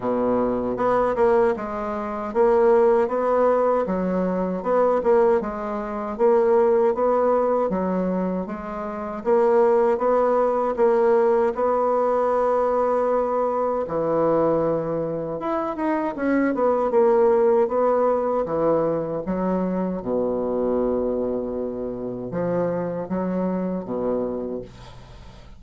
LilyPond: \new Staff \with { instrumentName = "bassoon" } { \time 4/4 \tempo 4 = 78 b,4 b8 ais8 gis4 ais4 | b4 fis4 b8 ais8 gis4 | ais4 b4 fis4 gis4 | ais4 b4 ais4 b4~ |
b2 e2 | e'8 dis'8 cis'8 b8 ais4 b4 | e4 fis4 b,2~ | b,4 f4 fis4 b,4 | }